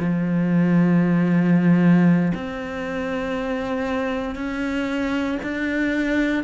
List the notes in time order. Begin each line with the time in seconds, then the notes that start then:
0.00 F3
2.35 C4
4.35 C#4
5.43 D4